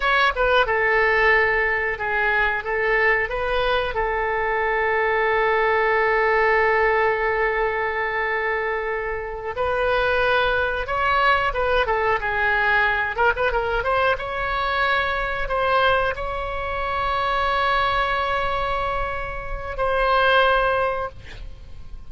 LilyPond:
\new Staff \with { instrumentName = "oboe" } { \time 4/4 \tempo 4 = 91 cis''8 b'8 a'2 gis'4 | a'4 b'4 a'2~ | a'1~ | a'2~ a'8 b'4.~ |
b'8 cis''4 b'8 a'8 gis'4. | ais'16 b'16 ais'8 c''8 cis''2 c''8~ | c''8 cis''2.~ cis''8~ | cis''2 c''2 | }